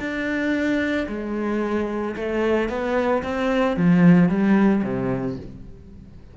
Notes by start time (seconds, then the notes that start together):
0.00 D4
1.08 G#3
2.16 A3
2.69 B3
3.23 C4
3.77 F3
4.29 G3
4.84 C3